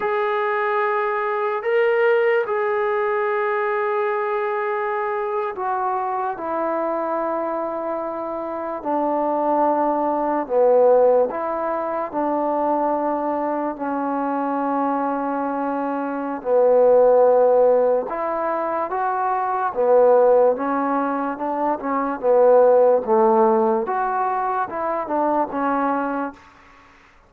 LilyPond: \new Staff \with { instrumentName = "trombone" } { \time 4/4 \tempo 4 = 73 gis'2 ais'4 gis'4~ | gis'2~ gis'8. fis'4 e'16~ | e'2~ e'8. d'4~ d'16~ | d'8. b4 e'4 d'4~ d'16~ |
d'8. cis'2.~ cis'16 | b2 e'4 fis'4 | b4 cis'4 d'8 cis'8 b4 | a4 fis'4 e'8 d'8 cis'4 | }